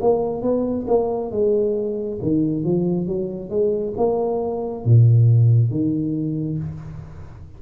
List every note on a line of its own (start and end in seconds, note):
0.00 0.41 A#3
0.41 0.85 B3
0.87 1.31 A#3
1.31 2.19 G#3
2.22 2.64 D#3
2.64 3.07 F3
3.07 3.49 F#3
3.49 3.93 G#3
3.97 4.84 A#3
4.84 5.70 A#2
5.70 6.58 D#3